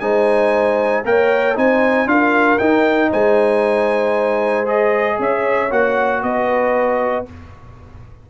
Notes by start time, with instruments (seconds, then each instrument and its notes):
0.00 tuba G#3, trombone D#4, horn C5, trumpet G#5
1.05 tuba A#3, trombone A#4, horn C#5, trumpet G5
1.55 tuba C4, trombone D#4, horn C5, trumpet G#5
2.06 tuba D4, trombone F4, horn A#4, trumpet F5
2.58 trombone D#4, tuba D#4, trumpet G5
3.10 tuba G#3, horn C5, trumpet G#5
4.65 trombone G#4, trumpet D#5
5.19 tuba C#4, horn C#5, trumpet E5
5.70 tuba A#3, trombone F#4, trumpet F#5
6.23 tuba B3, horn B4, trumpet D#5